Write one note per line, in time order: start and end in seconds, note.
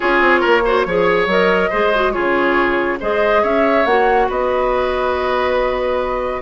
0.00 0.20 C#4
0.00 0.62 F4
0.00 0.40 G#4
0.00 1.29 C#5
0.20 0.42 C4
0.40 0.85 A#3
0.40 0.62 A#4
0.64 0.86 F#4
0.64 0.86 C5
0.85 1.26 F3
0.85 1.28 G#4
0.85 1.69 C#5
1.26 1.69 F#3
1.26 1.71 A#4
1.26 2.12 D#5
1.69 2.16 G#3
1.69 1.93 G#4
1.69 2.12 C5
1.94 2.13 F#4
2.12 3.01 C#3
2.12 2.98 F4
2.12 2.98 G#4
2.12 2.97 C#5
2.99 3.43 G#3
2.99 3.85 G#4
2.99 3.42 C5
2.99 3.44 D#5
3.42 3.85 C#4
3.42 4.28 C#5
3.42 3.86 E5
3.85 4.28 A#3
3.85 6.42 F#4
3.85 4.28 F#5
4.28 6.42 B3
4.28 6.42 B4
4.28 6.42 D#5